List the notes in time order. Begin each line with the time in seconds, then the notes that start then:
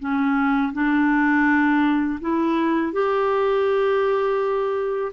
0.00 C#4
0.74 D4
2.21 E4
2.93 G4